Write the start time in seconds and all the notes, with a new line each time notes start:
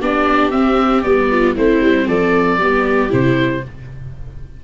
0.00 B3 D4 G4 D5
0.50 C4 E5
1.02 G3 B3 D5
1.31 F4
1.55 A3 C4 E4 C5
1.81 G3
2.06 F3 A4 D5
2.56 G3 B3 G4
3.09 C3 E4 C5